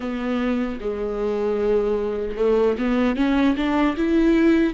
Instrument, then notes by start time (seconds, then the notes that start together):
viola
0.00 B3
0.80 G#3
2.36 A3
2.78 B3
3.16 C#4
3.56 D4
3.96 E4